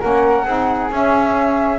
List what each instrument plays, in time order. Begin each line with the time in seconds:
0.00 double bass A#3, saxophone C#4, flute A#4 F#5
0.45 double bass C4, saxophone D#4, flute G#4
0.91 saxophone C#4, double bass C#4, flute E5